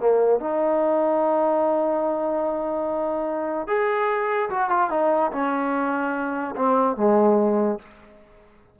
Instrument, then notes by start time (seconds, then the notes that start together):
trombone
0.00 A#3
0.40 D#4
3.67 G#4
4.50 F#4
4.70 F4
4.90 D#4
5.32 C#4
6.56 C4
6.97 G#3